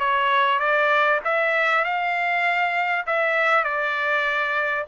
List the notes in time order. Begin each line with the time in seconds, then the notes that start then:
0.00 C#5
0.60 D5
1.25 E5
1.85 F5
3.07 E5
3.64 D5